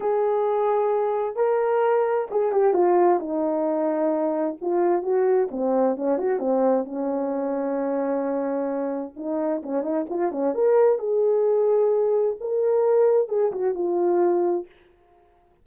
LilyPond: \new Staff \with { instrumentName = "horn" } { \time 4/4 \tempo 4 = 131 gis'2. ais'4~ | ais'4 gis'8 g'8 f'4 dis'4~ | dis'2 f'4 fis'4 | c'4 cis'8 fis'8 c'4 cis'4~ |
cis'1 | dis'4 cis'8 dis'8 f'8 cis'8 ais'4 | gis'2. ais'4~ | ais'4 gis'8 fis'8 f'2 | }